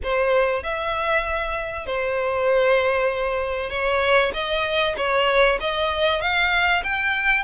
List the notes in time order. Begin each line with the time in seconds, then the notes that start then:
0.03 C5
0.63 E5
1.86 C5
3.70 C#5
4.33 D#5
4.97 C#5
5.60 D#5
6.21 F5
6.83 G5